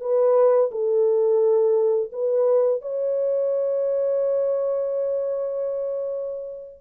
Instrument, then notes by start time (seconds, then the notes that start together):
horn
0.00 B4
0.71 A4
2.12 B4
2.81 C#5